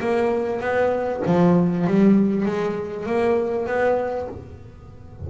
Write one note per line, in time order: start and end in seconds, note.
0.00 0.60 A#3
0.60 1.22 B3
1.26 1.86 F3
1.86 2.45 G3
2.45 3.06 G#3
3.06 3.66 A#3
3.66 4.27 B3